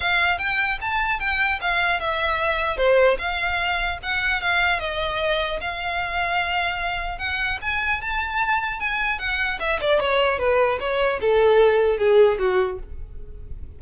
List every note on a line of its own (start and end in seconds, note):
0.00 0.38 F5
0.38 0.78 G5
0.81 1.19 A5
1.19 1.59 G5
1.61 2.00 F5
2.00 2.77 E5
2.77 3.17 C5
3.18 3.98 F5
4.02 4.41 F#5
4.41 4.79 F5
4.79 5.59 D#5
5.60 7.18 F5
7.18 7.58 F#5
7.61 8.01 G#5
8.01 8.79 A5
8.79 9.19 G#5
9.19 9.59 F#5
9.59 9.79 E5
9.81 9.99 D5
9.99 10.38 C#5
10.38 10.78 B4
10.80 11.20 C#5
11.20 11.97 A4
11.97 12.37 G#4
12.39 12.79 F#4